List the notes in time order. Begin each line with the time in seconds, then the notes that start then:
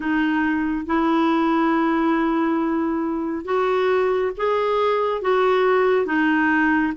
0.00 D#4
0.86 E4
3.44 F#4
4.37 G#4
5.21 F#4
6.06 D#4